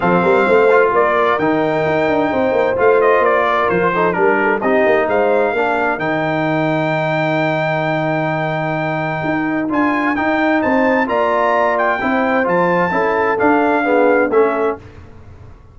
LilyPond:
<<
  \new Staff \with { instrumentName = "trumpet" } { \time 4/4 \tempo 4 = 130 f''2 d''4 g''4~ | g''2 f''8 dis''8 d''4 | c''4 ais'4 dis''4 f''4~ | f''4 g''2.~ |
g''1~ | g''4 gis''4 g''4 a''4 | ais''4. g''4. a''4~ | a''4 f''2 e''4 | }
  \new Staff \with { instrumentName = "horn" } { \time 4/4 a'8 ais'8 c''4 ais'2~ | ais'4 c''2~ c''8 ais'8~ | ais'8 a'8 ais'8 a'8 g'4 c''4 | ais'1~ |
ais'1~ | ais'2. c''4 | d''2 c''2 | a'2 gis'4 a'4 | }
  \new Staff \with { instrumentName = "trombone" } { \time 4/4 c'4. f'4. dis'4~ | dis'2 f'2~ | f'8 dis'8 d'4 dis'2 | d'4 dis'2.~ |
dis'1~ | dis'4 f'4 dis'2 | f'2 e'4 f'4 | e'4 d'4 b4 cis'4 | }
  \new Staff \with { instrumentName = "tuba" } { \time 4/4 f8 g8 a4 ais4 dis4 | dis'8 d'8 c'8 ais8 a4 ais4 | f4 g4 c'8 ais8 gis4 | ais4 dis2.~ |
dis1 | dis'4 d'4 dis'4 c'4 | ais2 c'4 f4 | cis'4 d'2 a4 | }
>>